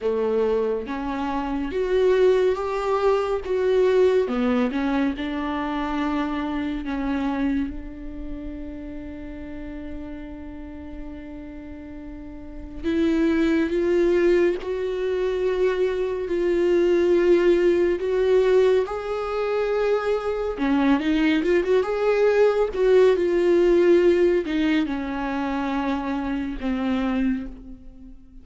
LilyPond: \new Staff \with { instrumentName = "viola" } { \time 4/4 \tempo 4 = 70 a4 cis'4 fis'4 g'4 | fis'4 b8 cis'8 d'2 | cis'4 d'2.~ | d'2. e'4 |
f'4 fis'2 f'4~ | f'4 fis'4 gis'2 | cis'8 dis'8 f'16 fis'16 gis'4 fis'8 f'4~ | f'8 dis'8 cis'2 c'4 | }